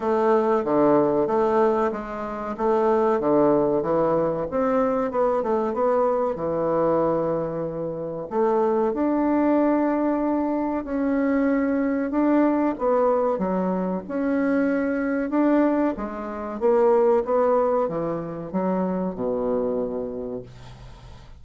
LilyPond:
\new Staff \with { instrumentName = "bassoon" } { \time 4/4 \tempo 4 = 94 a4 d4 a4 gis4 | a4 d4 e4 c'4 | b8 a8 b4 e2~ | e4 a4 d'2~ |
d'4 cis'2 d'4 | b4 fis4 cis'2 | d'4 gis4 ais4 b4 | e4 fis4 b,2 | }